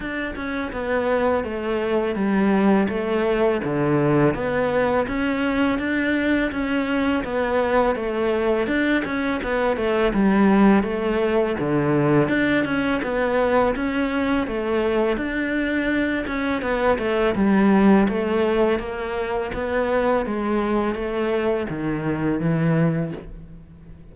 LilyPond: \new Staff \with { instrumentName = "cello" } { \time 4/4 \tempo 4 = 83 d'8 cis'8 b4 a4 g4 | a4 d4 b4 cis'4 | d'4 cis'4 b4 a4 | d'8 cis'8 b8 a8 g4 a4 |
d4 d'8 cis'8 b4 cis'4 | a4 d'4. cis'8 b8 a8 | g4 a4 ais4 b4 | gis4 a4 dis4 e4 | }